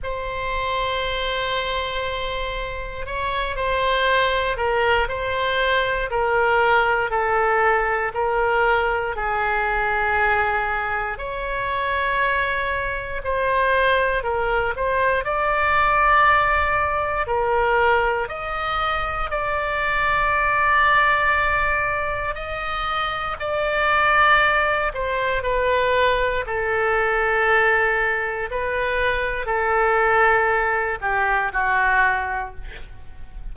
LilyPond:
\new Staff \with { instrumentName = "oboe" } { \time 4/4 \tempo 4 = 59 c''2. cis''8 c''8~ | c''8 ais'8 c''4 ais'4 a'4 | ais'4 gis'2 cis''4~ | cis''4 c''4 ais'8 c''8 d''4~ |
d''4 ais'4 dis''4 d''4~ | d''2 dis''4 d''4~ | d''8 c''8 b'4 a'2 | b'4 a'4. g'8 fis'4 | }